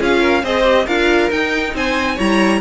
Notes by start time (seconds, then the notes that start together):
0.00 C#4 F4 G#4 F5
0.21 A#4
0.44 C4 G#4 C5 D#5
0.64 G4
0.86 D4 F4 A#4 F5
1.31 D#4 G5
1.75 C4 C5 G#5
2.16 G3 E4 C#5 A#5